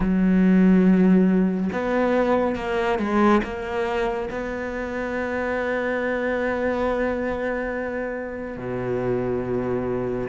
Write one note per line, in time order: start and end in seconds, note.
0.00 1.69 F#3
1.72 2.55 B3
2.55 2.98 A#3
2.98 3.41 G#3
3.43 4.29 A#3
4.30 8.57 B3
8.57 10.28 B2